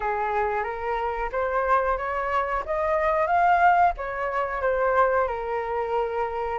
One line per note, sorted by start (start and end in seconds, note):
0.00 0.63 G#4
0.63 1.29 A#4
1.32 1.97 C5
1.97 2.63 C#5
2.65 3.26 D#5
3.26 3.92 F5
3.97 4.61 C#5
4.61 5.27 C5
5.27 6.58 A#4